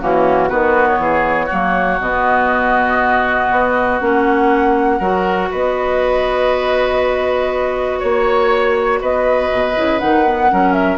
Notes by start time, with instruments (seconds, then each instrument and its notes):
0.00 bassoon E3, clarinet A#3, oboe C#4, flute F#4
0.49 bassoon D#3, clarinet B3, oboe F#4, flute B4
0.88 flute C#5
0.98 bassoon E3, oboe G#4
1.46 clarinet A#3, oboe F#4
1.52 bassoon F#3
2.00 bassoon B2, clarinet B3, flute D#5
3.51 bassoon B3
4.00 bassoon A#3, clarinet C#4, flute F#5
4.99 bassoon F#3, clarinet F#4, oboe A#4
5.51 bassoon B3, oboe B4, flute D#5
7.99 bassoon A#3, oboe C#5, flute C#5
9.01 bassoon B3, oboe B4, flute D#5
9.52 bassoon B2
9.76 bassoon C#3, clarinet E4
9.99 bassoon D#3, clarinet D#4, flute F#5
10.26 clarinet B3
10.50 bassoon F#3, clarinet C#4, oboe A#4
10.73 flute E5